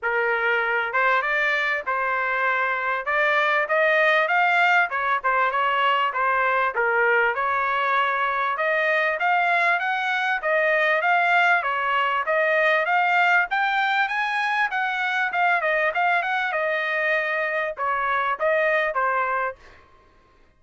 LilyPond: \new Staff \with { instrumentName = "trumpet" } { \time 4/4 \tempo 4 = 98 ais'4. c''8 d''4 c''4~ | c''4 d''4 dis''4 f''4 | cis''8 c''8 cis''4 c''4 ais'4 | cis''2 dis''4 f''4 |
fis''4 dis''4 f''4 cis''4 | dis''4 f''4 g''4 gis''4 | fis''4 f''8 dis''8 f''8 fis''8 dis''4~ | dis''4 cis''4 dis''4 c''4 | }